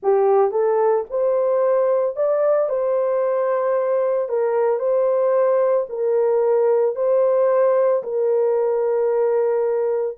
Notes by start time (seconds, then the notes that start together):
0.02 G4
0.51 A4
1.10 C5
2.16 D5
2.69 C5
4.29 A#4
4.79 C5
5.89 A#4
6.95 C5
8.03 A#4